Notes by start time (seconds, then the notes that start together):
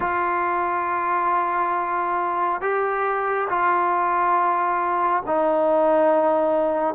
0.00 F4
2.61 G4
3.49 F4
5.26 D#4